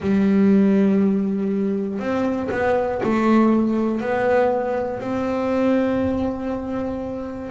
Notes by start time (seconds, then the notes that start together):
0.00 G3
1.99 C4
2.50 B3
3.03 A3
4.00 B3
5.00 C4